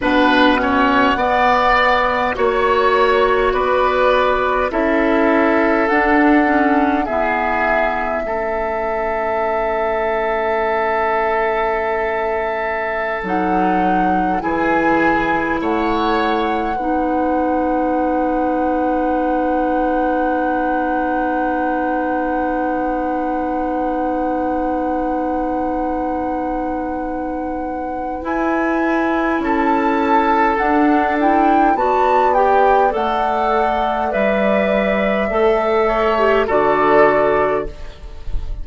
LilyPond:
<<
  \new Staff \with { instrumentName = "flute" } { \time 4/4 \tempo 4 = 51 fis''2 cis''4 d''4 | e''4 fis''4 e''2~ | e''2.~ e''16 fis''8.~ | fis''16 gis''4 fis''2~ fis''8.~ |
fis''1~ | fis''1 | gis''4 a''4 fis''8 g''8 a''8 g''8 | fis''4 e''2 d''4 | }
  \new Staff \with { instrumentName = "oboe" } { \time 4/4 b'8 cis''8 d''4 cis''4 b'4 | a'2 gis'4 a'4~ | a'1~ | a'16 gis'4 cis''4 b'4.~ b'16~ |
b'1~ | b'1~ | b'4 a'2 d''4~ | d''2~ d''8 cis''8 a'4 | }
  \new Staff \with { instrumentName = "clarinet" } { \time 4/4 d'8 cis'8 b4 fis'2 | e'4 d'8 cis'8 b4 cis'4~ | cis'2.~ cis'16 dis'8.~ | dis'16 e'2 dis'4.~ dis'16~ |
dis'1~ | dis'1 | e'2 d'8 e'8 fis'8 g'8 | a'4 b'4 a'8. g'16 fis'4 | }
  \new Staff \with { instrumentName = "bassoon" } { \time 4/4 b,4 b4 ais4 b4 | cis'4 d'4 e'4 a4~ | a2.~ a16 fis8.~ | fis16 e4 a4 b4.~ b16~ |
b1~ | b1 | e'4 cis'4 d'4 b4 | a4 g4 a4 d4 | }
>>